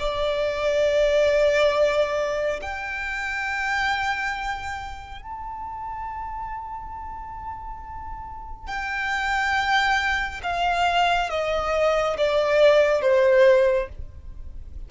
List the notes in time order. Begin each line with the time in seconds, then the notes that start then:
0.00 D5
2.62 G5
5.23 A5
8.68 G5
10.43 F5
11.30 D#5
12.18 D5
13.02 C5